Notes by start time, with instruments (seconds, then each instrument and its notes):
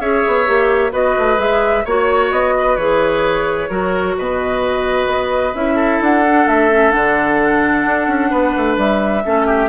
0.00 bassoon C#4, clarinet G#4, oboe C#5, flute E5
0.27 bassoon B3
0.46 bassoon A#3, clarinet G4
0.91 bassoon B3, clarinet F#4, oboe B4, flute D#5
1.18 bassoon A3
1.37 bassoon G#3, clarinet G#4, flute E5
1.85 bassoon A#3, clarinet F#4, oboe C#5, flute C#5
2.31 bassoon B3, flute D#5
2.58 oboe B4
2.76 bassoon E3, clarinet G#4, flute C#5
3.70 bassoon F#3, clarinet F#4, oboe A#4
4.18 bassoon B2, oboe B4, flute D#5
5.07 bassoon B3
5.54 bassoon C#4, clarinet E4, flute E5
5.75 oboe A4
6.00 bassoon D4, flute F#5
6.27 clarinet D4
6.47 bassoon A3, flute E5
6.71 clarinet C#4
6.90 bassoon D3, clarinet D4, flute F#5
7.86 bassoon D4
8.07 bassoon C#4
8.30 bassoon B3, oboe B4
8.56 bassoon A3
8.77 bassoon G3, flute E5
9.24 bassoon A3, clarinet C#4, oboe A4
9.46 oboe G4